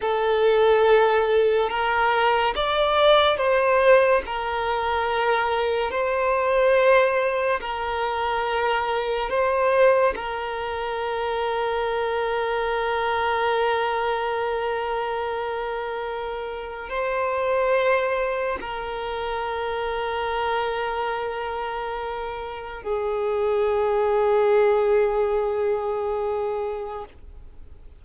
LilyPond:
\new Staff \with { instrumentName = "violin" } { \time 4/4 \tempo 4 = 71 a'2 ais'4 d''4 | c''4 ais'2 c''4~ | c''4 ais'2 c''4 | ais'1~ |
ais'1 | c''2 ais'2~ | ais'2. gis'4~ | gis'1 | }